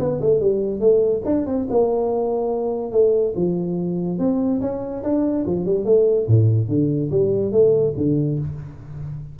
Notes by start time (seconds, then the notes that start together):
0.00 B3
0.22 A3
0.41 G3
0.80 A3
1.25 D4
1.47 C4
1.71 A#3
2.92 A3
3.36 F3
4.19 C4
4.62 C#4
5.04 D4
5.47 F3
5.66 G3
5.85 A3
6.28 A2
6.69 D3
7.12 G3
7.53 A3
7.98 D3